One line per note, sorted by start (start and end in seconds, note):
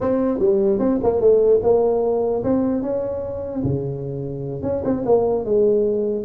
0.00 0.39 C4
0.39 0.79 G3
0.79 0.99 C4
1.03 1.20 A#3
1.20 1.61 A3
1.62 2.43 A#3
2.43 2.82 C4
2.82 3.62 C#4
3.63 4.62 C#3
4.62 4.82 C#4
4.84 5.04 C4
5.05 5.45 A#3
5.45 6.25 G#3